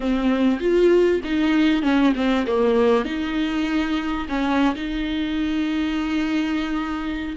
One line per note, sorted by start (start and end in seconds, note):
0.00 0.60 C4
0.60 1.21 F4
1.24 1.82 D#4
1.82 2.13 C#4
2.15 2.45 C4
2.46 3.04 A#3
3.04 4.27 D#4
4.29 4.74 C#4
4.75 7.35 D#4